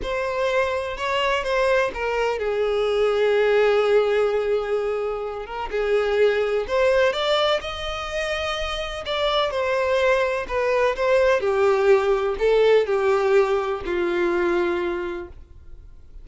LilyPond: \new Staff \with { instrumentName = "violin" } { \time 4/4 \tempo 4 = 126 c''2 cis''4 c''4 | ais'4 gis'2.~ | gis'2.~ gis'8 ais'8 | gis'2 c''4 d''4 |
dis''2. d''4 | c''2 b'4 c''4 | g'2 a'4 g'4~ | g'4 f'2. | }